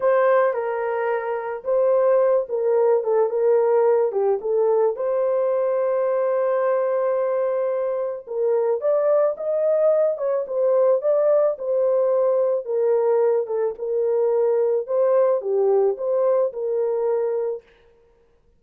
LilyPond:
\new Staff \with { instrumentName = "horn" } { \time 4/4 \tempo 4 = 109 c''4 ais'2 c''4~ | c''8 ais'4 a'8 ais'4. g'8 | a'4 c''2.~ | c''2. ais'4 |
d''4 dis''4. cis''8 c''4 | d''4 c''2 ais'4~ | ais'8 a'8 ais'2 c''4 | g'4 c''4 ais'2 | }